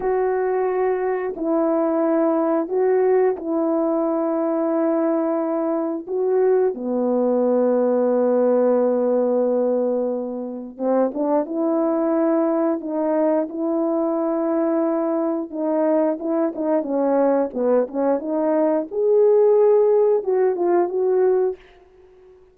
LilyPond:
\new Staff \with { instrumentName = "horn" } { \time 4/4 \tempo 4 = 89 fis'2 e'2 | fis'4 e'2.~ | e'4 fis'4 b2~ | b1 |
c'8 d'8 e'2 dis'4 | e'2. dis'4 | e'8 dis'8 cis'4 b8 cis'8 dis'4 | gis'2 fis'8 f'8 fis'4 | }